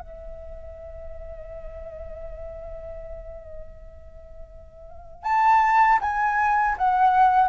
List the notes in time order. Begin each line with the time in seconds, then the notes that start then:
0.00 E5
5.24 A5
6.01 G#5
6.78 F#5